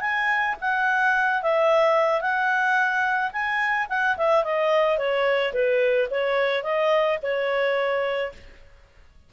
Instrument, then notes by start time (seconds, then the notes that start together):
clarinet
0.00 G#5
0.60 F#5
1.42 E5
2.21 F#5
3.32 G#5
3.89 F#5
4.17 E5
4.44 D#5
4.97 C#5
5.53 B4
6.10 C#5
6.63 D#5
7.22 C#5